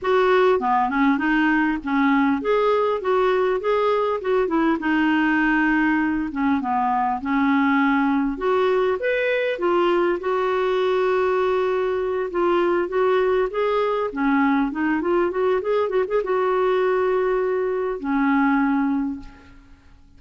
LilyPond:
\new Staff \with { instrumentName = "clarinet" } { \time 4/4 \tempo 4 = 100 fis'4 b8 cis'8 dis'4 cis'4 | gis'4 fis'4 gis'4 fis'8 e'8 | dis'2~ dis'8 cis'8 b4 | cis'2 fis'4 b'4 |
f'4 fis'2.~ | fis'8 f'4 fis'4 gis'4 cis'8~ | cis'8 dis'8 f'8 fis'8 gis'8 fis'16 gis'16 fis'4~ | fis'2 cis'2 | }